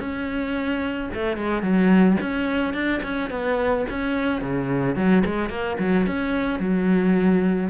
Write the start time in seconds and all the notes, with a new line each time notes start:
0.00 C#4
1.14 A3
1.37 G#3
1.62 F#3
2.21 C#4
2.74 D4
3.03 C#4
3.31 B3
3.90 C#4
4.42 C#3
4.96 F#3
5.26 G#3
5.50 A#3
5.79 F#3
6.07 C#4
6.60 F#3